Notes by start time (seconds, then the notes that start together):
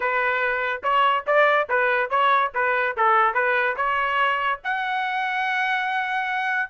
0.00 B4
0.83 C#5
1.26 D5
1.69 B4
2.09 C#5
2.54 B4
2.96 A4
3.34 B4
3.76 C#5
4.64 F#5